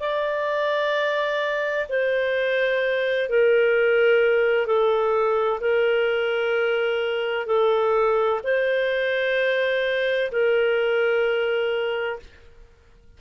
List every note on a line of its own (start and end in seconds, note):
0.00 1.87 D5
1.89 3.29 C5
3.29 4.67 A#4
4.67 5.60 A4
5.61 7.47 A#4
7.47 8.41 A4
8.44 10.31 C5
10.32 12.20 A#4